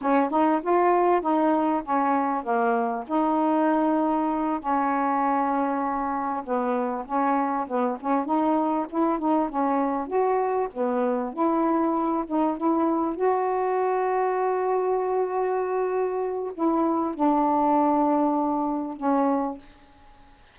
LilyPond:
\new Staff \with { instrumentName = "saxophone" } { \time 4/4 \tempo 4 = 98 cis'8 dis'8 f'4 dis'4 cis'4 | ais4 dis'2~ dis'8 cis'8~ | cis'2~ cis'8 b4 cis'8~ | cis'8 b8 cis'8 dis'4 e'8 dis'8 cis'8~ |
cis'8 fis'4 b4 e'4. | dis'8 e'4 fis'2~ fis'8~ | fis'2. e'4 | d'2. cis'4 | }